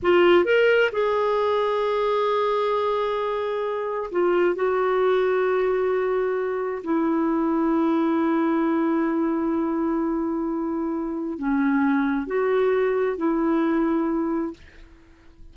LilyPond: \new Staff \with { instrumentName = "clarinet" } { \time 4/4 \tempo 4 = 132 f'4 ais'4 gis'2~ | gis'1~ | gis'4 f'4 fis'2~ | fis'2. e'4~ |
e'1~ | e'1~ | e'4 cis'2 fis'4~ | fis'4 e'2. | }